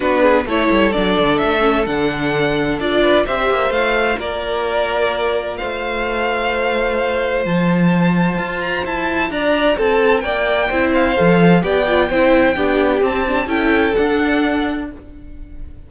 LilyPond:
<<
  \new Staff \with { instrumentName = "violin" } { \time 4/4 \tempo 4 = 129 b'4 cis''4 d''4 e''4 | fis''2 d''4 e''4 | f''4 d''2. | f''1 |
a''2~ a''8 ais''8 a''4 | ais''4 a''4 g''4. f''8~ | f''4 g''2. | a''4 g''4 fis''2 | }
  \new Staff \with { instrumentName = "violin" } { \time 4/4 fis'8 gis'8 a'2.~ | a'2~ a'8 b'8 c''4~ | c''4 ais'2. | c''1~ |
c''1 | d''4 a'4 d''4 c''4~ | c''4 d''4 c''4 g'4~ | g'4 a'2. | }
  \new Staff \with { instrumentName = "viola" } { \time 4/4 d'4 e'4 d'4. cis'8 | d'2 f'4 g'4 | f'1~ | f'1~ |
f'1~ | f'2. e'4 | a'4 g'8 f'8 e'4 d'4 | c'8 d'8 e'4 d'2 | }
  \new Staff \with { instrumentName = "cello" } { \time 4/4 b4 a8 g8 fis8 d8 a4 | d2 d'4 c'8 ais8 | a4 ais2. | a1 |
f2 f'4 e'4 | d'4 c'4 ais4 c'4 | f4 b4 c'4 b4 | c'4 cis'4 d'2 | }
>>